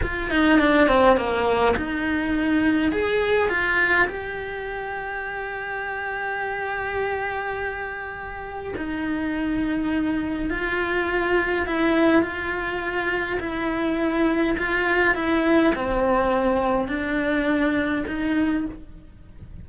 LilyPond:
\new Staff \with { instrumentName = "cello" } { \time 4/4 \tempo 4 = 103 f'8 dis'8 d'8 c'8 ais4 dis'4~ | dis'4 gis'4 f'4 g'4~ | g'1~ | g'2. dis'4~ |
dis'2 f'2 | e'4 f'2 e'4~ | e'4 f'4 e'4 c'4~ | c'4 d'2 dis'4 | }